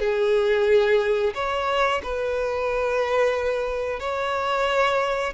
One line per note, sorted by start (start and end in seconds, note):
0.00 1.33 G#4
1.35 2.02 C#5
2.03 4.00 B4
4.00 5.33 C#5